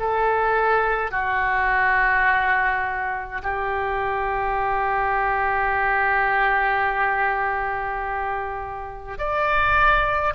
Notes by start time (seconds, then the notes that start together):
0.00 A4
1.11 F#4
3.43 G4
9.18 D5